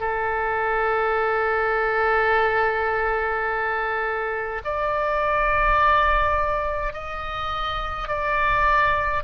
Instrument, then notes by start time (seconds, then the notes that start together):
oboe
0.00 A4
4.64 D5
6.93 D#5
8.08 D5